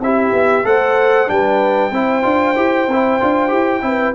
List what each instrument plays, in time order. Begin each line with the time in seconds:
0.00 tuba C4, trombone E4, horn G4, trumpet E5
0.32 tuba B3
0.64 tuba A3, trombone A4, horn C5, trumpet F#5
1.27 tuba G3, trombone D4, horn B4, trumpet G5
1.91 tuba C4, trombone E4, horn C5
2.23 tuba D4, trombone F4
2.56 tuba E4, trombone G4
2.88 tuba C4, trombone E4
3.21 tuba D4, trombone F4
3.49 tuba E4, trombone G4
3.82 tuba C4, trombone E4, horn B4